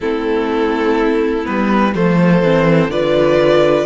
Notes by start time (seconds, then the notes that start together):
0.00 A3 C4 E4 A4
1.44 G3 B3 B4
1.94 F3 A3 A4 C5
2.42 E3 C4
2.88 D3 F4 B4 D5